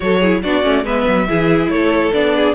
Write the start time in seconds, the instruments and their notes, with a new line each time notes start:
0.00 cello F#3, viola F#4, violin A4 C#5
0.20 viola E4, violin G#4
0.42 cello B3, viola D4, violin F#4 D5
0.62 cello A3, viola C#4
0.83 cello G#3, viola B3, violin B4 E5
1.07 cello F#3
1.28 cello E3, viola E4, violin G#4
1.68 cello A3, violin A4 C#5
2.12 cello B3, viola D4, violin D5
2.36 violin G#4